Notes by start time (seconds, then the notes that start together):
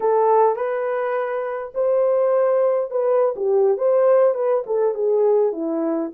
0.00 A4
0.56 B4
1.74 C5
2.90 B4
3.35 G4
3.77 C5
4.34 B4
4.66 A4
4.94 G#4
5.52 E4